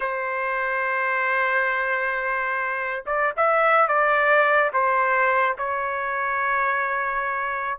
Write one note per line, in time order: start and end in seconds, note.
0.00 3.04 C5
3.06 3.33 D5
3.36 3.87 E5
3.87 4.71 D5
4.73 5.56 C5
5.58 7.78 C#5